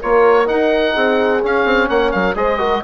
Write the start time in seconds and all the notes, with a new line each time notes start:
0.00 A#3 F4 A#4 C#5
0.45 D#4 F#5
0.93 C4 G#4
1.42 C#4 F5
1.64 C4
1.89 A#3 C#5 F#5
2.11 F#3 A#4 F5
2.34 G#3 G#4 C5 D#5
2.58 F#4 A#4